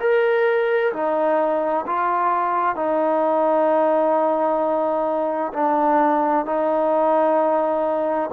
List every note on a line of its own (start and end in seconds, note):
0.00 0.92 A#4
0.93 1.85 D#4
1.86 2.76 F4
2.76 5.53 D#4
5.53 6.46 D4
6.46 8.30 D#4